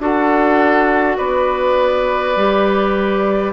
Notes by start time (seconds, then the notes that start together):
0.00 D4 F#4 A4 F#5
1.18 B3 B4 D5
2.37 G3 G4